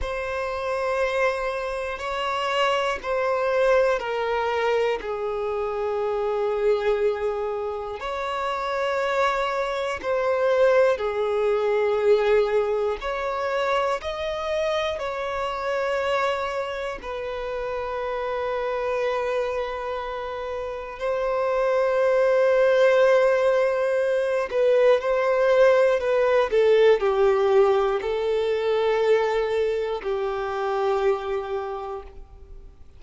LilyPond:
\new Staff \with { instrumentName = "violin" } { \time 4/4 \tempo 4 = 60 c''2 cis''4 c''4 | ais'4 gis'2. | cis''2 c''4 gis'4~ | gis'4 cis''4 dis''4 cis''4~ |
cis''4 b'2.~ | b'4 c''2.~ | c''8 b'8 c''4 b'8 a'8 g'4 | a'2 g'2 | }